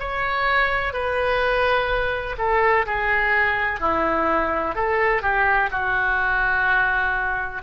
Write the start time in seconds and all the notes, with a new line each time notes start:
0.00 C#5
0.94 B4
2.38 A4
2.86 G#4
3.81 E4
4.76 A4
5.23 G4
5.72 F#4